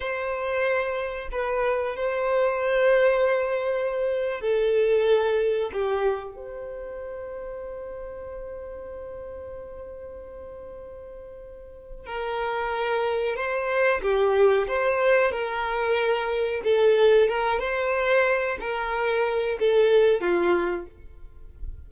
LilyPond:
\new Staff \with { instrumentName = "violin" } { \time 4/4 \tempo 4 = 92 c''2 b'4 c''4~ | c''2~ c''8. a'4~ a'16~ | a'8. g'4 c''2~ c''16~ | c''1~ |
c''2~ c''8 ais'4.~ | ais'8 c''4 g'4 c''4 ais'8~ | ais'4. a'4 ais'8 c''4~ | c''8 ais'4. a'4 f'4 | }